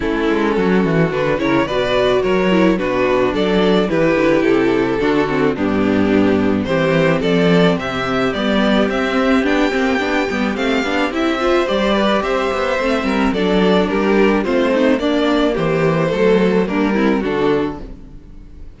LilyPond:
<<
  \new Staff \with { instrumentName = "violin" } { \time 4/4 \tempo 4 = 108 a'2 b'8 cis''8 d''4 | cis''4 b'4 d''4 b'4 | a'2 g'2 | c''4 d''4 e''4 d''4 |
e''4 g''2 f''4 | e''4 d''4 e''2 | d''4 ais'4 c''4 d''4 | c''2 ais'4 a'4 | }
  \new Staff \with { instrumentName = "violin" } { \time 4/4 e'4 fis'4. ais'8 b'4 | ais'4 fis'4 a'4 g'4~ | g'4 fis'4 d'2 | g'4 a'4 g'2~ |
g'1~ | g'8 c''4 b'8 c''4. ais'8 | a'4 g'4 f'8 dis'8 d'4 | g'4 a'4 d'8 e'8 fis'4 | }
  \new Staff \with { instrumentName = "viola" } { \time 4/4 cis'2 d'8 e'8 fis'4~ | fis'8 e'8 d'2 e'4~ | e'4 d'8 c'8 b2 | c'2. b4 |
c'4 d'8 c'8 d'8 b8 c'8 d'8 | e'8 f'8 g'2 c'4 | d'2 c'4 ais4~ | ais4 a4 ais8 c'8 d'4 | }
  \new Staff \with { instrumentName = "cello" } { \time 4/4 a8 gis8 fis8 e8 d8 cis8 b,4 | fis4 b,4 fis4 e8 d8 | c4 d4 g,2 | e4 f4 c4 g4 |
c'4 b8 ais8 b8 g8 a8 b8 | c'4 g4 c'8 b8 a8 g8 | fis4 g4 a4 ais4 | e4 fis4 g4 d4 | }
>>